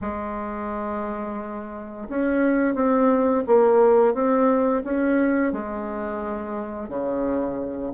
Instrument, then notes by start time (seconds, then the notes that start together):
bassoon
0.01 G#3
2.09 C#4
2.74 C4
3.46 A#3
4.13 C4
4.83 C#4
5.52 G#3
6.88 C#3